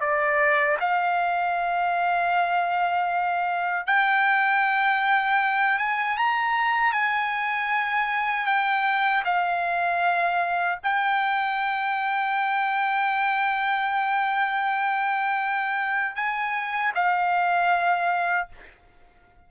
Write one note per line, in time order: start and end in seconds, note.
0.00 0.77 D5
0.80 3.86 F5
3.86 5.78 G5
5.78 6.17 G#5
6.17 6.92 A#5
6.92 8.46 G#5
8.46 9.23 G5
9.24 10.78 F5
10.83 16.15 G5
16.15 16.92 G#5
16.94 18.48 F5